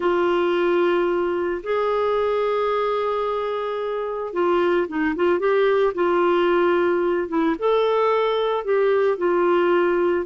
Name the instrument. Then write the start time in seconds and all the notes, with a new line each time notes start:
clarinet
0.00 F4
1.63 G#4
4.33 F4
4.87 D#4
5.15 F4
5.39 G4
5.94 F4
7.28 E4
7.58 A4
8.64 G4
9.17 F4